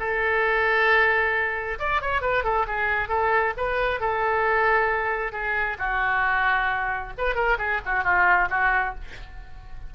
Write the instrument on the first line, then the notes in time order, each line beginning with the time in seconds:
oboe
0.00 A4
1.80 D5
2.02 C#5
2.22 B4
2.44 A4
2.67 G#4
3.09 A4
3.57 B4
4.01 A4
5.33 G#4
5.79 F#4
7.18 B4
7.36 A#4
7.59 G#4
7.86 F#4
8.04 F4
8.50 F#4